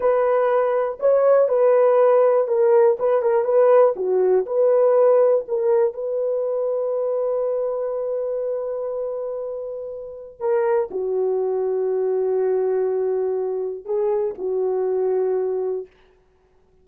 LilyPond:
\new Staff \with { instrumentName = "horn" } { \time 4/4 \tempo 4 = 121 b'2 cis''4 b'4~ | b'4 ais'4 b'8 ais'8 b'4 | fis'4 b'2 ais'4 | b'1~ |
b'1~ | b'4 ais'4 fis'2~ | fis'1 | gis'4 fis'2. | }